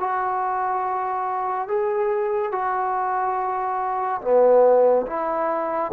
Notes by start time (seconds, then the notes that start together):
0.00 F#4
1.68 G#4
2.52 F#4
4.22 B3
5.07 E4